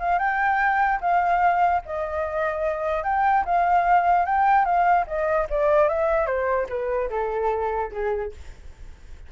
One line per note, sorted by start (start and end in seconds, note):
0.00 0.19 F5
0.19 1.00 G5
1.01 1.82 F5
1.86 3.04 D#5
3.04 3.45 G5
3.45 4.26 F5
4.26 4.65 G5
4.65 5.06 F5
5.07 5.48 D#5
5.50 5.89 D5
5.89 6.26 E5
6.26 6.67 C5
6.69 7.10 B4
7.10 7.91 A4
7.92 8.32 G#4